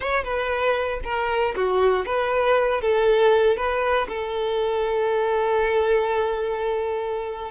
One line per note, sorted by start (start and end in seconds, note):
0.00 0.23 C#5
0.23 1.00 B4
1.04 1.54 A#4
1.55 2.05 F#4
2.05 2.81 B4
2.81 3.56 A4
3.56 4.07 B4
4.08 7.51 A4